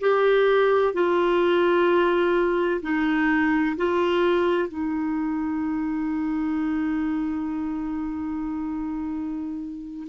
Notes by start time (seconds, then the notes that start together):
0.00 G4
0.93 F4
2.82 D#4
3.76 F4
4.68 D#4